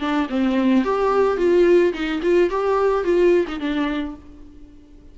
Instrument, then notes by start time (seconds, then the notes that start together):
viola
0.00 D4
0.29 C4
0.85 G4
1.37 F4
1.93 D#4
2.23 F4
2.50 G4
3.04 F4
3.48 D#4
3.60 D4